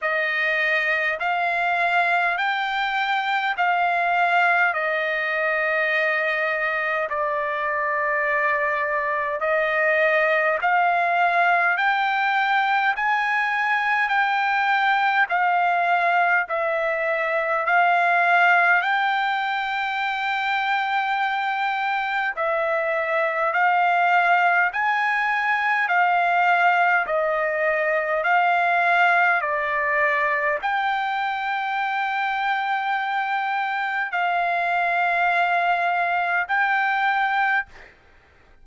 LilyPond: \new Staff \with { instrumentName = "trumpet" } { \time 4/4 \tempo 4 = 51 dis''4 f''4 g''4 f''4 | dis''2 d''2 | dis''4 f''4 g''4 gis''4 | g''4 f''4 e''4 f''4 |
g''2. e''4 | f''4 gis''4 f''4 dis''4 | f''4 d''4 g''2~ | g''4 f''2 g''4 | }